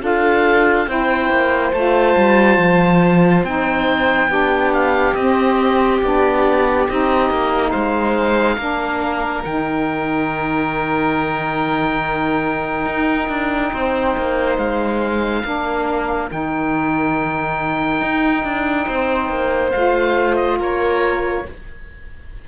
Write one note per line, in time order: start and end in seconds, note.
0.00 0.87 D4
0.00 0.86 F4
0.00 0.88 A4
0.00 0.90 F5
0.87 1.29 C4
0.87 1.73 E4
0.87 4.30 C5
0.87 1.74 G5
1.29 1.72 A#3
1.72 2.15 A3
1.72 3.46 F4
1.72 3.45 A5
2.17 2.58 G3
2.58 3.43 F3
3.44 4.27 C4
3.44 4.29 D#4
3.44 4.74 G5
4.27 5.13 B3
4.27 5.15 D4
4.27 7.70 G4
4.74 5.15 F5
5.15 6.01 C4
5.15 6.03 C4
5.15 6.00 D#5
6.02 6.88 B3
6.02 6.88 D4
6.02 6.89 D5
6.88 7.30 C4
6.88 8.58 D#4
6.88 7.71 D#5
7.30 7.73 A#3
7.70 8.57 G#3
7.70 8.56 C5
7.70 9.42 F5
8.57 9.43 A#3
8.57 9.44 D4
8.57 13.71 A#4
9.44 12.86 D#3
9.44 15.44 D#4
9.44 14.58 G5
12.86 13.29 D#4
13.29 13.72 D4
13.73 14.16 C4
13.73 15.44 C5
14.17 14.58 A#3
14.58 15.44 G#3
14.58 16.30 F5
15.44 16.30 A#3
15.44 16.29 D4
15.44 18.86 A#4
16.29 18.01 D#3
16.29 19.72 D#4
16.29 19.71 G5
18.01 18.44 D#4
18.44 18.87 D4
18.86 19.29 C4
18.86 20.58 C5
19.29 19.72 A#3
19.71 20.59 A3
19.71 21.45 F4
19.71 20.36 F5
20.36 20.57 D#5
20.58 21.45 A#3
20.58 21.44 A#4
20.58 21.48 C#5